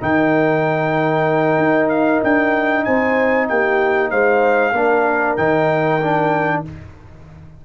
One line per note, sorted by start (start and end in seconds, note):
0.00 1.58 D#3
0.00 4.74 D#4
0.00 2.86 A#4
0.00 1.89 G5
1.58 2.21 D#4
1.89 2.21 F5
2.23 2.86 D4
2.23 2.84 G5
2.84 3.50 C4
2.84 3.49 C5
2.84 3.47 G#5
3.48 4.11 A#3
3.48 4.11 G4
3.48 4.10 G5
4.10 4.72 G#3
4.10 4.73 C5
4.10 5.36 F5
4.72 5.35 A#3
4.72 5.38 D4
4.72 6.63 A#4
5.36 6.64 D#3
5.36 6.01 D#4
5.36 6.63 G5
6.02 6.65 D4